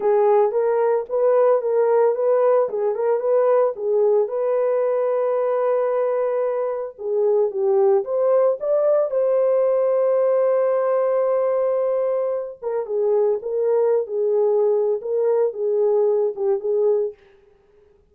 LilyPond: \new Staff \with { instrumentName = "horn" } { \time 4/4 \tempo 4 = 112 gis'4 ais'4 b'4 ais'4 | b'4 gis'8 ais'8 b'4 gis'4 | b'1~ | b'4 gis'4 g'4 c''4 |
d''4 c''2.~ | c''2.~ c''8 ais'8 | gis'4 ais'4~ ais'16 gis'4.~ gis'16 | ais'4 gis'4. g'8 gis'4 | }